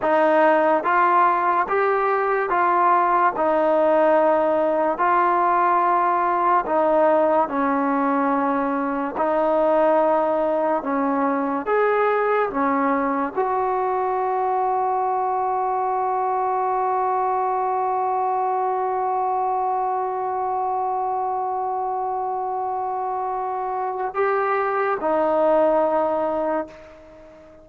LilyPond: \new Staff \with { instrumentName = "trombone" } { \time 4/4 \tempo 4 = 72 dis'4 f'4 g'4 f'4 | dis'2 f'2 | dis'4 cis'2 dis'4~ | dis'4 cis'4 gis'4 cis'4 |
fis'1~ | fis'1~ | fis'1~ | fis'4 g'4 dis'2 | }